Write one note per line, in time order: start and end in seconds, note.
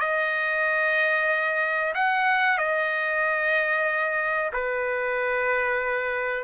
0.00 1.94 D#5
1.94 2.58 F#5
2.58 4.51 D#5
4.52 6.43 B4